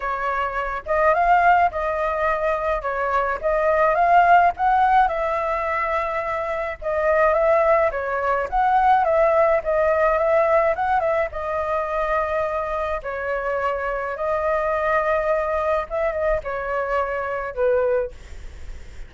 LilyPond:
\new Staff \with { instrumentName = "flute" } { \time 4/4 \tempo 4 = 106 cis''4. dis''8 f''4 dis''4~ | dis''4 cis''4 dis''4 f''4 | fis''4 e''2. | dis''4 e''4 cis''4 fis''4 |
e''4 dis''4 e''4 fis''8 e''8 | dis''2. cis''4~ | cis''4 dis''2. | e''8 dis''8 cis''2 b'4 | }